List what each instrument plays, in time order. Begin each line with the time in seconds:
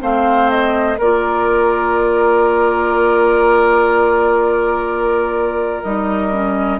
0.00 bassoon A3, clarinet C4, oboe C5, flute F5
0.50 flute D#5
0.98 bassoon A#3, clarinet F4, oboe A#4, flute D5
5.82 bassoon G3, clarinet D#4, flute D#5
6.32 clarinet C#4